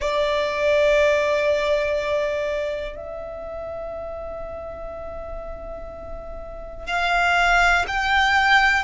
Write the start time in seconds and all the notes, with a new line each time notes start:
0.00 D5
2.96 E5
6.86 F5
7.87 G5